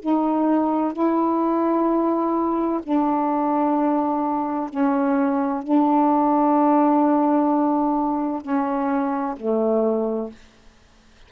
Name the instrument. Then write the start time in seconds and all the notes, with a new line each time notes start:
saxophone
0.00 D#4
0.93 E4
2.83 D4
4.70 C#4
5.63 D4
8.42 C#4
9.37 A3